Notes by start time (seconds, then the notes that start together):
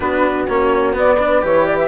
0.00 B3 D4 F#4 B4
0.48 A#3 C#4 C#5
0.93 B3 D5
1.16 D4 B4
1.42 E3 G4 C#5
1.66 D5
1.78 E5